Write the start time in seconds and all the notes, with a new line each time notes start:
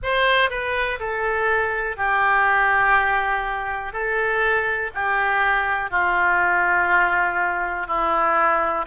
0.02 C5
0.50 B4
0.99 A4
1.96 G4
3.92 A4
4.94 G4
5.90 F4
7.87 E4